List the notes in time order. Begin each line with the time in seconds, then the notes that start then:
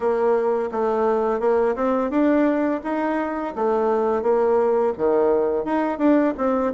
0.00 A#3
0.71 A3
1.39 A#3
1.75 C4
2.10 D4
2.83 D#4
3.55 A3
4.22 A#3
4.97 D#3
5.64 D#4
5.98 D4
6.37 C4